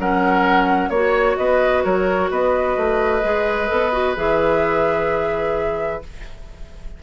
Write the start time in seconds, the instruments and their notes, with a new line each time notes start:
0.00 bassoon F#3, clarinet C#4, oboe A#4, flute F#5
0.90 bassoon A#3, clarinet F#4, flute C#5, oboe C#5
1.37 bassoon B3, oboe B4, flute D#5
1.84 bassoon F#3, oboe A#4, flute C#5
2.31 bassoon B3, oboe B4, flute D#5
2.77 bassoon A3
3.23 bassoon G#3, clarinet G#4
3.68 bassoon B3, clarinet A4
3.92 clarinet F#4
4.16 bassoon E3, clarinet G#4, flute E5